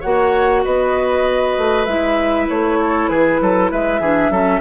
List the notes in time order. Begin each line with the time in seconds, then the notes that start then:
0.00 A#3 F#4 C#5 F#5
0.64 B3 B4 D#5
1.57 A3
1.85 G#3 E4 E5
2.48 A3 C#5
2.80 A4
3.08 E3 G#4 B4
3.41 F#3 A4
3.71 G#3 B4 E5
4.00 E3 D4 G#4
4.29 F#3 C#4 A4